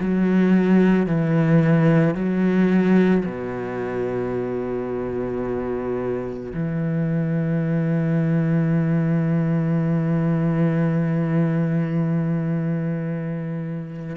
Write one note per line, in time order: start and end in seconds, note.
0.00 1.07 F#3
1.07 2.15 E3
2.15 3.24 F#3
3.25 6.53 B2
6.54 14.17 E3